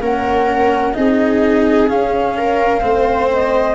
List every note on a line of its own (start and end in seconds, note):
0.00 0.94 A#3
0.00 0.94 C#4
0.00 0.95 A#4
0.00 0.94 F#5
0.94 1.90 C4
0.94 1.88 D#4
0.94 2.37 G#4
0.94 1.88 D#5
1.88 2.81 C#4
1.88 2.83 C#4
1.88 3.29 F5
2.37 2.84 A#4
2.81 3.75 A3
2.81 3.75 C4
2.81 3.75 C5
3.33 3.75 D#5